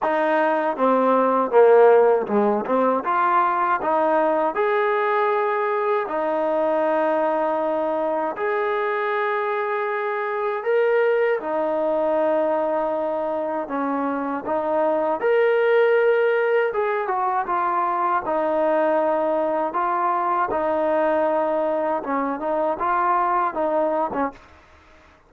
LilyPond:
\new Staff \with { instrumentName = "trombone" } { \time 4/4 \tempo 4 = 79 dis'4 c'4 ais4 gis8 c'8 | f'4 dis'4 gis'2 | dis'2. gis'4~ | gis'2 ais'4 dis'4~ |
dis'2 cis'4 dis'4 | ais'2 gis'8 fis'8 f'4 | dis'2 f'4 dis'4~ | dis'4 cis'8 dis'8 f'4 dis'8. cis'16 | }